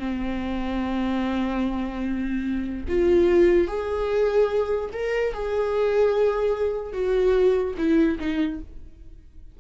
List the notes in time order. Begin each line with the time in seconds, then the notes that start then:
0.00 C4
2.89 F4
3.68 G#4
4.93 A#4
5.34 G#4
6.94 F#4
7.78 E4
8.19 D#4